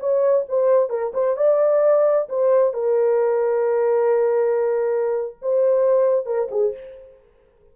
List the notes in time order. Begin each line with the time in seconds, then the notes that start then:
0.00 C#5
0.49 C5
0.90 A#4
1.14 C5
1.37 D5
2.29 C5
2.74 A#4
5.42 C5
6.26 A#4
6.51 G#4